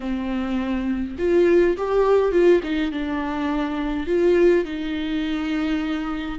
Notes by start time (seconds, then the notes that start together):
0.00 C4
1.18 F4
1.77 G4
2.31 F4
2.63 D#4
2.91 D4
4.06 F4
4.64 D#4